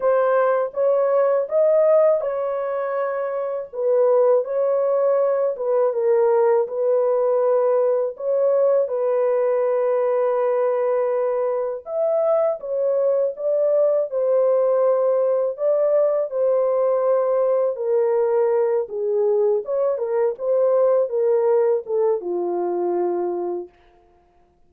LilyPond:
\new Staff \with { instrumentName = "horn" } { \time 4/4 \tempo 4 = 81 c''4 cis''4 dis''4 cis''4~ | cis''4 b'4 cis''4. b'8 | ais'4 b'2 cis''4 | b'1 |
e''4 cis''4 d''4 c''4~ | c''4 d''4 c''2 | ais'4. gis'4 cis''8 ais'8 c''8~ | c''8 ais'4 a'8 f'2 | }